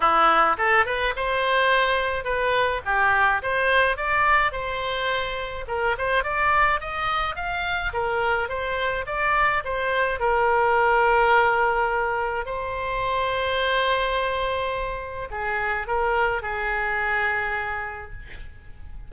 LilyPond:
\new Staff \with { instrumentName = "oboe" } { \time 4/4 \tempo 4 = 106 e'4 a'8 b'8 c''2 | b'4 g'4 c''4 d''4 | c''2 ais'8 c''8 d''4 | dis''4 f''4 ais'4 c''4 |
d''4 c''4 ais'2~ | ais'2 c''2~ | c''2. gis'4 | ais'4 gis'2. | }